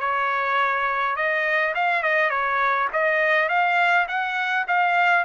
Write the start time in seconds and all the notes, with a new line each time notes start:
0.00 C#5
1.16 D#5
1.75 F5
2.03 D#5
2.30 C#5
2.93 D#5
3.49 F5
4.08 F#5
4.68 F5